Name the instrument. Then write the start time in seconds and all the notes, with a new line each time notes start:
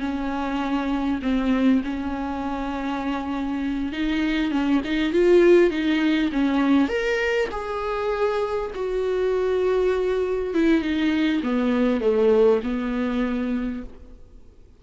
viola
0.00 C#4
1.22 C4
1.84 C#4
3.92 D#4
4.51 C#4
4.84 D#4
5.12 F4
5.70 D#4
6.32 C#4
6.88 A#4
7.51 G#4
8.75 F#4
10.54 E4
10.82 D#4
11.43 B3
12.01 A3
12.63 B3